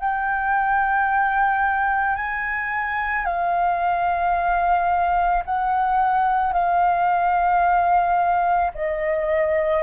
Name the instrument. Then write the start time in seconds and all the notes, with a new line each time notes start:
flute
0.00 G5
2.16 G#5
3.25 F5
5.46 F#5
6.53 F5
8.75 D#5